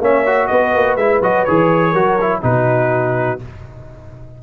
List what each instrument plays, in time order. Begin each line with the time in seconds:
0.00 tuba A#3, trombone C#4, horn C#5, trumpet E5
0.26 trombone F#4
0.47 tuba B3, horn B4, trumpet D#5
0.75 tuba A#3
0.96 tuba G#3, trombone E4, trumpet E5
1.21 tuba F#3, trombone F#4, trumpet D#5
1.44 tuba E3, trombone G#4, trumpet C#5
1.91 tuba F#3, trombone F#4, horn A#4
2.21 trombone E4
2.42 tuba B2, trombone D#4, horn F#4, trumpet B4